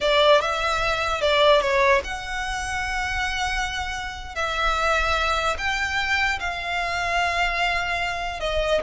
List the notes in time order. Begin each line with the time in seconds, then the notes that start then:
0.00 D5
0.41 E5
1.21 D5
1.61 C#5
2.03 F#5
4.35 E5
5.58 G5
6.39 F5
8.40 D#5